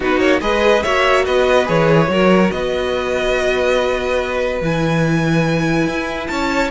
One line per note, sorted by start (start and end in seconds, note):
0.00 0.19 B3
0.00 0.40 D#4
0.00 0.40 F#4
0.00 0.19 B4
0.19 0.40 A#3
0.19 0.40 C#5
0.40 0.83 G#3
0.40 0.82 G#4
0.40 0.83 B4
0.40 0.82 D#5
0.82 1.27 A#3
0.82 1.65 F#4
0.82 1.25 C#5
0.82 1.24 E5
1.25 1.69 B3
1.25 2.10 B4
1.25 1.67 D#5
1.65 2.08 E3
1.65 2.07 G#4
1.65 2.51 C#5
2.08 2.50 F#3
2.08 4.59 F#4
2.08 2.53 A#4
2.51 4.61 B3
2.51 6.31 B4
2.51 4.60 D#5
4.61 5.86 E3
4.61 6.70 E4
4.61 6.27 G#5
5.86 6.28 E4
6.27 6.70 C#4
6.27 6.70 C#5
6.27 6.69 A5